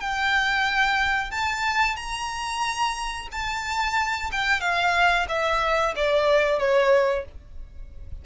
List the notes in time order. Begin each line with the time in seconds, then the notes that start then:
0.00 G5
1.31 A5
1.96 A#5
3.31 A5
4.32 G5
4.60 F5
5.28 E5
5.96 D5
6.59 C#5